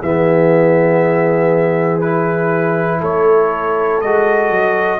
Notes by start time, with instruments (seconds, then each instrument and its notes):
0.00 tuba E3, trombone B3, horn G#4, trumpet E5
2.00 trombone E4, trumpet B4
2.99 tuba A3, horn A4, trumpet C#5
4.01 tuba G#3, trombone F#4, trumpet D#5
4.50 tuba F#3